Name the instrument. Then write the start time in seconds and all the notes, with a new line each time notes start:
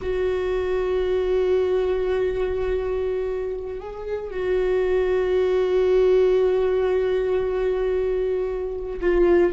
viola
0.01 F#4
3.80 G#4
4.30 F#4
9.00 F4